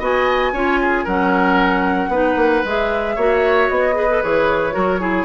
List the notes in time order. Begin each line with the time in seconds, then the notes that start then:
0.00 B3 F#4 D#5 G#5
0.53 C#4 F4 C#5
0.82 G#4
1.04 F#3 C#4 A#4 F#5
2.09 B3 D#4 B4
2.36 A#3
2.65 G#3 G#4 E5
3.16 A#3 F#4 C#5
3.70 B3 D#5
3.94 G#4 B4
4.10 A4
4.23 E3 G#4 C#5
4.72 F#3 F#4 A#4
5.00 E4 G#4